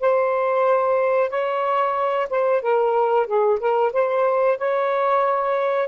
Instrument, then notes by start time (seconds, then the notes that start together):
saxophone
0.00 C5
1.30 C#5
2.30 C5
2.62 A#4
3.26 G#4
3.60 A#4
3.92 C5
4.58 C#5